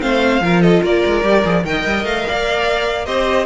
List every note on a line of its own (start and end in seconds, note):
0.00 0.41 A3
0.00 0.41 C4
0.00 0.43 C5
0.00 0.62 F5
0.41 0.82 F3
0.41 1.23 F4
0.41 0.62 A#4
0.62 0.83 A4
0.62 0.83 D#5
0.83 1.04 A#3
0.83 1.64 A#4
0.83 1.65 D5
1.06 1.24 G#3
1.23 1.45 G3
1.23 1.44 G4
1.45 1.65 F3
1.45 1.64 G#4
1.64 1.85 D#3
1.64 3.07 A#4
1.64 2.28 D#5
1.64 2.06 G5
1.86 2.04 G3
2.04 2.25 A3
2.04 3.06 F5
2.28 3.07 A#3
2.28 3.06 D5
3.06 3.47 C4
3.06 3.47 G4
3.06 3.47 C5
3.06 3.47 D#5